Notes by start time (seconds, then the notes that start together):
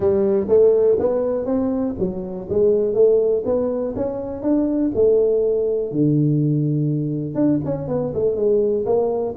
0.00 G3
0.48 A3
0.99 B3
1.45 C4
1.98 F#3
2.49 G#3
2.94 A3
3.45 B3
3.96 C#4
4.42 D4
4.94 A3
5.92 D3
7.34 D4
7.64 C#4
7.88 B3
8.14 A3
8.35 G#3
8.85 A#3